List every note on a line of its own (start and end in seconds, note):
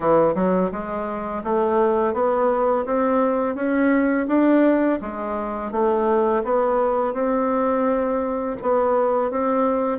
0.00 0.34 E3
0.34 0.70 F#3
0.71 1.43 G#3
1.43 2.13 A3
2.13 2.85 B3
2.85 3.55 C4
3.55 4.26 C#4
4.27 4.99 D4
5.01 5.71 G#3
5.71 6.43 A3
6.44 7.13 B3
7.13 8.56 C4
8.62 9.30 B3
9.30 9.98 C4